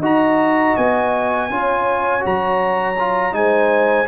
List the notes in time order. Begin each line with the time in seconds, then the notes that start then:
0.00 D#4 F#4 D#5 A#5
0.77 B3 G#5
1.50 C#4 F4 C#5
2.21 F#3 F#4 A#5
3.00 F4
3.32 G#3 D#4 C5 G#5